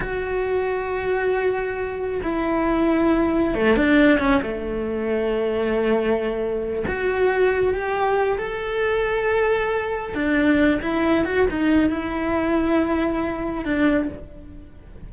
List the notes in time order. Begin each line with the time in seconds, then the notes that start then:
0.00 F#4
2.22 E4
3.54 A3
3.76 D4
4.19 C#4
4.42 A3
6.87 F#4
7.74 G4
8.38 A4
10.14 D4
10.81 E4
11.25 F#4
11.50 D#4
11.89 E4
13.64 D4